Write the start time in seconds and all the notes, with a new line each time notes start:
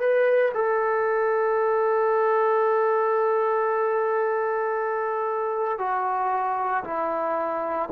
0.00 B4
0.55 A4
5.79 F#4
6.84 E4